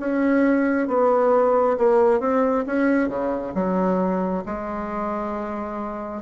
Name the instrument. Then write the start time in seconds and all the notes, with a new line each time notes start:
bassoon
0.00 C#4
0.88 B3
1.78 A#3
2.21 C4
2.67 C#4
3.09 C#3
3.55 F#3
4.46 G#3